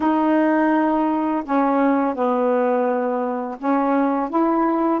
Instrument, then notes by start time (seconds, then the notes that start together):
saxophone
0.00 D#4
1.45 C#4
2.14 B3
3.58 C#4
4.29 E4